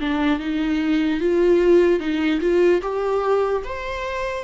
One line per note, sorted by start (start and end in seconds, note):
0.00 0.39 D4
0.39 1.20 D#4
1.20 1.99 F4
1.99 2.40 D#4
2.40 2.81 F4
2.82 3.63 G4
3.64 4.44 C5